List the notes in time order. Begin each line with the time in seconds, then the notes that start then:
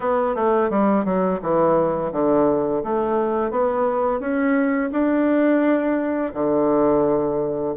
0.00 B3
0.35 A3
0.69 G3
1.04 F#3
1.41 E3
2.12 D3
2.83 A3
3.50 B3
4.19 C#4
4.92 D4
6.33 D3